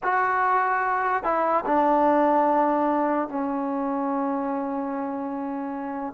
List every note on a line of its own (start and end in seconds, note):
0.03 1.23 F#4
1.23 1.64 E4
1.65 3.29 D4
3.29 6.13 C#4